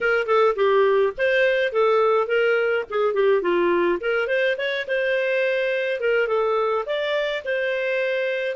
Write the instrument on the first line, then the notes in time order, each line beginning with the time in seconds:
clarinet
0.01 A#4
0.26 A4
0.55 G4
1.17 C5
1.72 A4
2.27 A#4
2.90 G#4
3.14 G4
3.41 F4
4.00 A#4
4.27 C5
4.57 C#5
4.87 C5
6.00 A#4
6.27 A4
6.86 D5
7.44 C5